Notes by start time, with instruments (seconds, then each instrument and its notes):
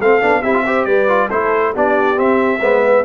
0.00 tuba A3, trombone C4, horn A4, trumpet F5
0.21 tuba B3, trombone D4
0.42 tuba C4, trombone E4, horn G4, trumpet E5
0.54 trombone F4
0.65 trombone G4, horn C5
0.85 tuba G3, horn B4, trumpet D5
1.08 trombone F4
1.29 tuba A3, trombone E4, horn A4, trumpet C5
1.73 tuba B3, trombone D4, horn G4, trumpet D5
2.16 trombone C4, tuba C4, trumpet E5
2.61 tuba G#3, trombone B3, horn C5
2.84 horn B4